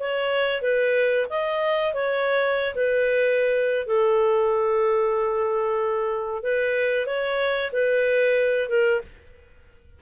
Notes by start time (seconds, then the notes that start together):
0.00 C#5
0.62 B4
1.30 D#5
1.94 C#5
2.75 B4
3.87 A4
6.43 B4
7.07 C#5
7.73 B4
8.69 A#4